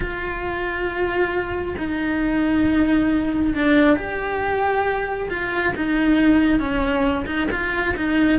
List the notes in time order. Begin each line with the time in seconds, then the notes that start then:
0.00 F4
1.77 D#4
3.54 D4
3.96 G4
5.29 F4
5.76 D#4
6.59 C#4
7.26 D#4
7.51 F4
7.96 D#4